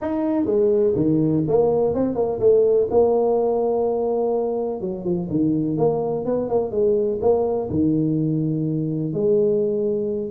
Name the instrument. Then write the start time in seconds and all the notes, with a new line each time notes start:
tuba
0.01 D#4
0.45 G#3
0.95 D#3
1.48 A#3
1.94 C4
2.15 A#3
2.39 A3
2.90 A#3
4.80 F#3
5.04 F3
5.30 D#3
5.77 A#3
6.25 B3
6.49 A#3
6.71 G#3
7.21 A#3
7.69 D#3
9.13 G#3